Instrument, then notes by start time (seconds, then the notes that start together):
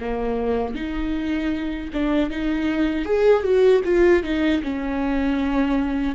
viola
0.00 A#3
0.75 D#4
1.93 D4
2.30 D#4
3.06 G#4
3.43 F#4
3.85 F4
4.23 D#4
4.63 C#4